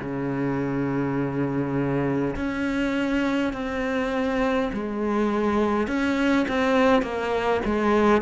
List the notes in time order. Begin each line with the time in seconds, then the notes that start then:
0.00 C#3
2.36 C#4
3.53 C4
4.73 G#3
5.88 C#4
6.48 C4
7.03 A#3
7.65 G#3